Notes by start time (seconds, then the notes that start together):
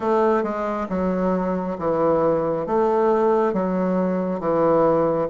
0.00 A3
0.43 G#3
0.89 F#3
1.78 E3
2.66 A3
3.53 F#3
4.40 E3